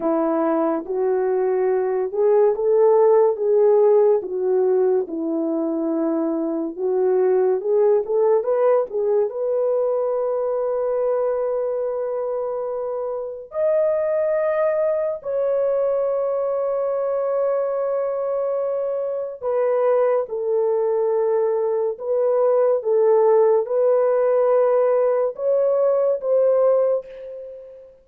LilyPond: \new Staff \with { instrumentName = "horn" } { \time 4/4 \tempo 4 = 71 e'4 fis'4. gis'8 a'4 | gis'4 fis'4 e'2 | fis'4 gis'8 a'8 b'8 gis'8 b'4~ | b'1 |
dis''2 cis''2~ | cis''2. b'4 | a'2 b'4 a'4 | b'2 cis''4 c''4 | }